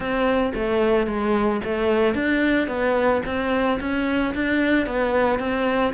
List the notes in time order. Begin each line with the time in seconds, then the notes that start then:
0.00 C4
0.54 A3
1.06 G#3
1.64 A3
2.14 D4
2.67 B3
3.25 C4
3.80 C#4
4.34 D4
4.86 B3
5.39 C4